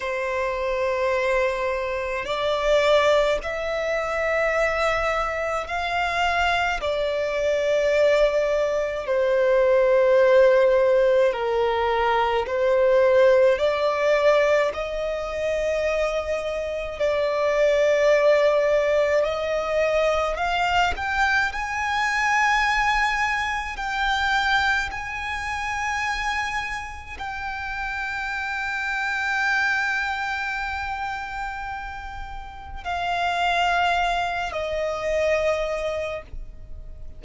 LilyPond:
\new Staff \with { instrumentName = "violin" } { \time 4/4 \tempo 4 = 53 c''2 d''4 e''4~ | e''4 f''4 d''2 | c''2 ais'4 c''4 | d''4 dis''2 d''4~ |
d''4 dis''4 f''8 g''8 gis''4~ | gis''4 g''4 gis''2 | g''1~ | g''4 f''4. dis''4. | }